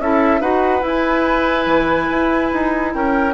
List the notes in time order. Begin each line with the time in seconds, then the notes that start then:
0.00 C#4 E4 A4 E5
0.41 D#4 F#4 B4 F#5
0.81 E4
0.88 G#5
1.66 E3
2.10 E4
2.53 D#4
2.95 C#4 A#4 G5